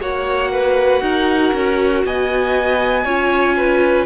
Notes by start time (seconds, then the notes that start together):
0.00 A#3 F#4 C#5 F#5
0.52 B4
1.01 D#4 A#4
1.53 C#4
2.05 B3 D#5 G#5
3.04 C#4 F4 C#5
3.56 B4